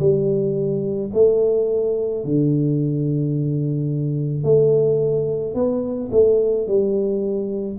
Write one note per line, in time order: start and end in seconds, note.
0.00 1.11 G3
1.14 2.25 A3
2.25 4.43 D3
4.43 5.55 A3
5.55 6.10 B3
6.12 6.67 A3
6.67 7.78 G3